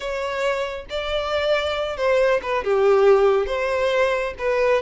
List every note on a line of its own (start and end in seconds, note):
0.00 0.85 C#5
0.89 1.96 D5
1.96 2.40 C5
2.42 2.63 B4
2.63 3.46 G4
3.46 4.34 C5
4.38 4.82 B4